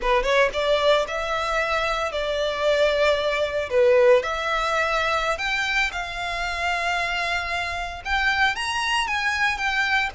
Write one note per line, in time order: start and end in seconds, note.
0.01 0.23 B4
0.23 0.49 C#5
0.53 1.06 D5
1.07 2.11 E5
2.11 3.69 D5
3.70 4.22 B4
4.22 5.38 E5
5.38 5.90 G5
5.92 8.02 F5
8.04 8.55 G5
8.55 9.07 A#5
9.07 9.57 G#5
9.57 10.10 G5